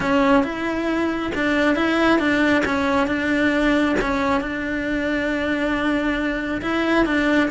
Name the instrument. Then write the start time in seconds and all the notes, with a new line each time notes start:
cello
0.00 C#4
0.43 E4
1.35 D4
1.75 E4
2.19 D4
2.65 C#4
3.07 D4
4.00 C#4
4.40 D4
6.61 E4
7.05 D4